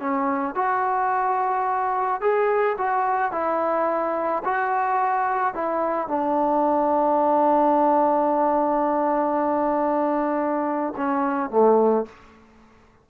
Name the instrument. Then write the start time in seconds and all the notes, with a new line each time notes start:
trombone
0.00 C#4
0.56 F#4
2.21 G#4
2.78 F#4
3.32 E4
4.45 F#4
5.55 E4
6.08 D4
10.97 C#4
11.51 A3